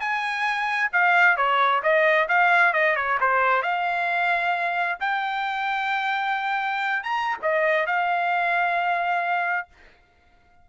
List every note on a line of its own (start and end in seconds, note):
0.00 0.91 G#5
0.92 1.37 F5
1.37 1.82 C#5
1.83 2.28 D#5
2.29 2.73 F5
2.73 2.96 D#5
2.96 3.19 C#5
3.20 3.63 C5
3.63 4.99 F5
5.00 7.04 G5
7.04 7.38 A#5
7.42 7.87 D#5
7.87 9.68 F5